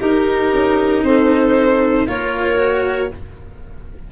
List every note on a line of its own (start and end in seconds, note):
0.00 2.07 D#4
0.00 0.52 D#4
0.00 1.03 G4
0.00 1.03 A#4
0.52 1.02 C#4
1.02 2.06 C4
1.02 2.07 A4
1.02 2.07 C5
2.06 3.10 A#3
2.06 2.56 F4
2.06 3.10 A#4
2.06 3.11 C#5
2.56 3.08 F#4